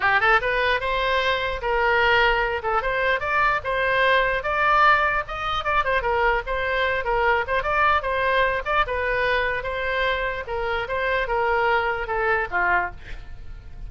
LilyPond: \new Staff \with { instrumentName = "oboe" } { \time 4/4 \tempo 4 = 149 g'8 a'8 b'4 c''2 | ais'2~ ais'8 a'8 c''4 | d''4 c''2 d''4~ | d''4 dis''4 d''8 c''8 ais'4 |
c''4. ais'4 c''8 d''4 | c''4. d''8 b'2 | c''2 ais'4 c''4 | ais'2 a'4 f'4 | }